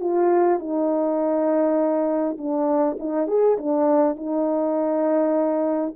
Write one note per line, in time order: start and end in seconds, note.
0.00 0.59 F4
0.59 2.37 D#4
2.38 2.97 D4
2.99 3.27 D#4
3.27 3.57 G#4
3.58 4.16 D4
4.16 5.94 D#4